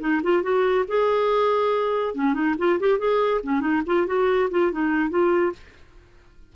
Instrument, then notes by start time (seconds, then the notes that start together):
clarinet
0.00 D#4
0.23 F4
0.43 F#4
0.88 G#4
2.15 C#4
2.34 D#4
2.58 F4
2.80 G4
2.98 G#4
3.43 C#4
3.61 D#4
3.86 F4
4.07 F#4
4.50 F4
4.72 D#4
5.10 F4